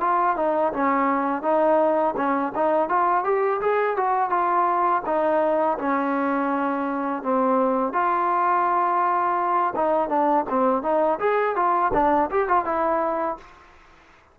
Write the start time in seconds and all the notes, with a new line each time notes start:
0.00 F4
0.36 D#4
0.73 C#4
1.42 D#4
2.17 C#4
2.55 D#4
2.89 F4
3.24 G4
3.61 G#4
3.97 F#4
4.30 F4
5.06 D#4
5.78 C#4
7.23 C4
7.93 F4
9.75 D#4
10.09 D4
10.49 C4
10.83 D#4
11.19 G#4
11.56 F4
11.94 D4
12.31 G4
12.48 F4
12.65 E4